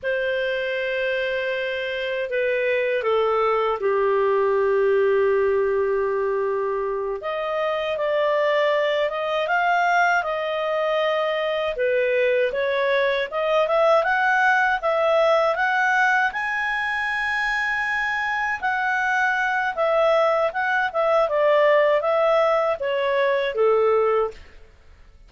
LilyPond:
\new Staff \with { instrumentName = "clarinet" } { \time 4/4 \tempo 4 = 79 c''2. b'4 | a'4 g'2.~ | g'4. dis''4 d''4. | dis''8 f''4 dis''2 b'8~ |
b'8 cis''4 dis''8 e''8 fis''4 e''8~ | e''8 fis''4 gis''2~ gis''8~ | gis''8 fis''4. e''4 fis''8 e''8 | d''4 e''4 cis''4 a'4 | }